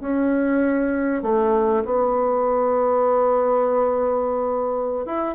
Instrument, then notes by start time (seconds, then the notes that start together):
bassoon
0.00 C#4
1.22 A3
1.85 B3
5.06 E4